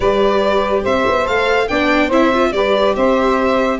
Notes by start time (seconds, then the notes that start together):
0.00 G3 G4 B4 D5
0.82 C4 C5 E5
1.06 B3
1.24 A3 A4 F5
1.68 B3 D4 D5 G5
2.07 C4 E4 C5 E5
2.33 F4
2.52 G3 G4 B4 D5
2.96 C4 C5 E5